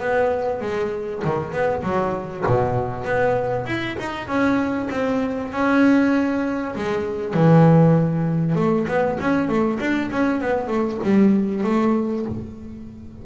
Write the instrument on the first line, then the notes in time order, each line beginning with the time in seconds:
double bass
0.00 B3
0.62 G#3
1.25 D#3
1.52 B3
1.83 F#3
2.47 B2
3.05 B3
3.66 E4
4.00 D#4
4.27 C#4
4.91 C4
5.53 C#4
6.75 G#3
7.34 E3
8.56 A3
8.88 B3
9.21 C#4
9.49 A3
9.80 D4
10.11 C#4
10.41 B3
10.68 A3
11.04 G3
11.64 A3